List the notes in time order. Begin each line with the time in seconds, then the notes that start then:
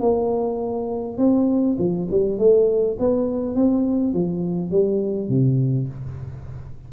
0.00 A#3
1.18 C4
1.79 F3
2.11 G3
2.39 A3
2.99 B3
3.55 C4
4.14 F3
4.71 G3
5.29 C3